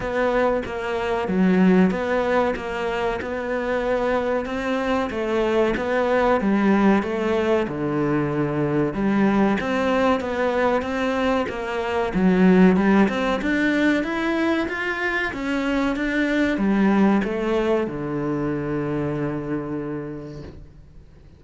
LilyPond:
\new Staff \with { instrumentName = "cello" } { \time 4/4 \tempo 4 = 94 b4 ais4 fis4 b4 | ais4 b2 c'4 | a4 b4 g4 a4 | d2 g4 c'4 |
b4 c'4 ais4 fis4 | g8 c'8 d'4 e'4 f'4 | cis'4 d'4 g4 a4 | d1 | }